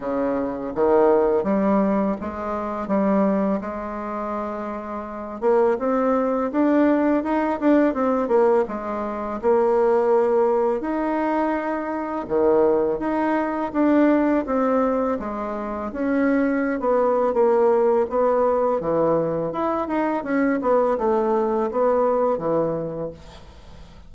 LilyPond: \new Staff \with { instrumentName = "bassoon" } { \time 4/4 \tempo 4 = 83 cis4 dis4 g4 gis4 | g4 gis2~ gis8 ais8 | c'4 d'4 dis'8 d'8 c'8 ais8 | gis4 ais2 dis'4~ |
dis'4 dis4 dis'4 d'4 | c'4 gis4 cis'4~ cis'16 b8. | ais4 b4 e4 e'8 dis'8 | cis'8 b8 a4 b4 e4 | }